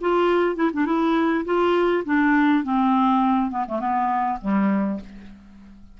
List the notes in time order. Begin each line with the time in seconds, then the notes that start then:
0.00 F4
0.55 E4
0.73 D4
0.86 E4
1.44 F4
2.05 D4
2.63 C4
3.50 B3
3.68 A3
3.79 B3
4.41 G3